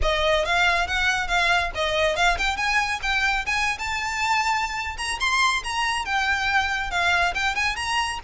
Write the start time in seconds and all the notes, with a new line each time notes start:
0.02 D#5
0.45 F5
0.87 F#5
1.27 F5
1.74 D#5
2.16 F5
2.37 G5
2.56 G#5
3.02 G5
3.45 G#5
3.78 A5
4.97 A#5
5.20 C6
5.63 A#5
6.05 G5
6.90 F5
7.34 G5
7.55 G#5
7.75 A#5